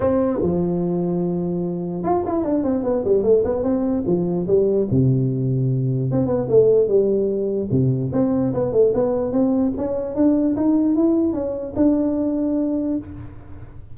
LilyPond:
\new Staff \with { instrumentName = "tuba" } { \time 4/4 \tempo 4 = 148 c'4 f2.~ | f4 f'8 e'8 d'8 c'8 b8 g8 | a8 b8 c'4 f4 g4 | c2. c'8 b8 |
a4 g2 c4 | c'4 b8 a8 b4 c'4 | cis'4 d'4 dis'4 e'4 | cis'4 d'2. | }